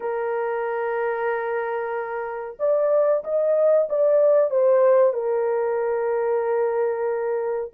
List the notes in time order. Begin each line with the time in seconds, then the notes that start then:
0.00 A#4
2.59 D5
3.23 D#5
3.89 D5
4.50 C5
5.13 A#4